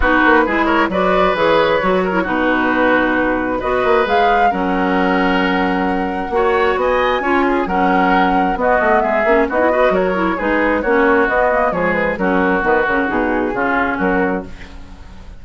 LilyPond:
<<
  \new Staff \with { instrumentName = "flute" } { \time 4/4 \tempo 4 = 133 b'4. cis''8 d''4 cis''4~ | cis''4 b'2. | dis''4 f''4 fis''2~ | fis''2. gis''4~ |
gis''4 fis''2 dis''4 | e''4 dis''4 cis''4 b'4 | cis''4 dis''4 cis''8 b'8 ais'4 | b'8 ais'8 gis'2 ais'4 | }
  \new Staff \with { instrumentName = "oboe" } { \time 4/4 fis'4 gis'8 ais'8 b'2~ | b'8 ais'8 fis'2. | b'2 ais'2~ | ais'2 cis''4 dis''4 |
cis''8 gis'8 ais'2 fis'4 | gis'4 fis'8 b'8 ais'4 gis'4 | fis'2 gis'4 fis'4~ | fis'2 f'4 fis'4 | }
  \new Staff \with { instrumentName = "clarinet" } { \time 4/4 dis'4 e'4 fis'4 gis'4 | fis'8. e'16 dis'2. | fis'4 gis'4 cis'2~ | cis'2 fis'2 |
f'4 cis'2 b4~ | b8 cis'8 dis'16 e'16 fis'4 e'8 dis'4 | cis'4 b8 ais8 gis4 cis'4 | b8 cis'8 dis'4 cis'2 | }
  \new Staff \with { instrumentName = "bassoon" } { \time 4/4 b8 ais8 gis4 fis4 e4 | fis4 b,2. | b8 ais8 gis4 fis2~ | fis2 ais4 b4 |
cis'4 fis2 b8 a8 | gis8 ais8 b4 fis4 gis4 | ais4 b4 f4 fis4 | dis8 cis8 b,4 cis4 fis4 | }
>>